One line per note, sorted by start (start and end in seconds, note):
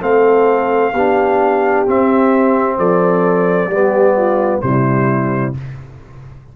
0.00 0.93 A3
0.00 0.92 C4
0.00 0.93 A4
0.00 1.87 F5
0.93 1.85 B3
0.93 1.86 D4
0.93 2.78 G4
1.86 3.71 C4
1.86 2.78 C4
1.86 2.78 E5
2.78 3.66 F3
2.78 3.70 A4
2.78 4.61 D5
3.66 4.59 G3
3.66 4.62 B3
3.73 4.17 G4
4.17 4.63 F4
4.61 5.55 C3
4.61 5.54 G3
4.61 5.56 E4
4.61 5.53 C5